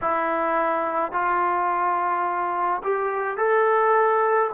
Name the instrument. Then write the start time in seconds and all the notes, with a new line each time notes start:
trombone
0.01 E4
1.12 F4
2.83 G4
3.37 A4